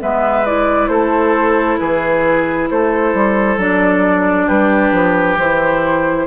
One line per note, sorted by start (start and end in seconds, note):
0.00 0.88 G#3
0.00 0.45 B3
0.00 0.90 B4
0.00 0.46 E5
0.46 3.59 E4
0.46 0.88 D5
0.88 1.78 A3
0.88 1.80 A4
0.88 1.77 C5
1.79 2.70 E3
1.79 2.70 G#4
1.79 2.68 B4
2.70 3.14 A3
2.70 4.47 A4
2.70 3.60 C5
3.14 3.57 G3
3.57 4.47 F#3
3.57 5.38 D4
3.57 4.48 D5
4.47 4.92 G3
4.47 6.26 G4
4.47 5.38 B4
4.92 5.37 F3
5.37 6.27 E3
5.37 6.27 E4
5.37 6.27 C5